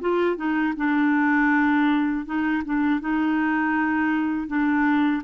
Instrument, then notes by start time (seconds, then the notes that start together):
clarinet
0.00 F4
0.36 D#4
0.76 D4
2.25 D#4
2.64 D4
3.00 D#4
4.47 D4